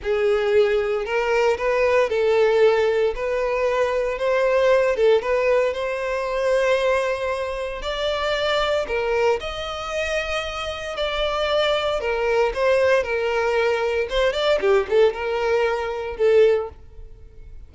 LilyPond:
\new Staff \with { instrumentName = "violin" } { \time 4/4 \tempo 4 = 115 gis'2 ais'4 b'4 | a'2 b'2 | c''4. a'8 b'4 c''4~ | c''2. d''4~ |
d''4 ais'4 dis''2~ | dis''4 d''2 ais'4 | c''4 ais'2 c''8 d''8 | g'8 a'8 ais'2 a'4 | }